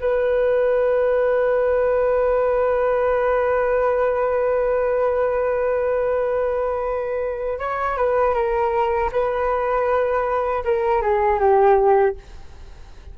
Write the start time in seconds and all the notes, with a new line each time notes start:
0.00 B4
7.59 C#5
7.97 B4
8.34 A#4
9.12 B4
10.64 A#4
11.02 G#4
11.40 G4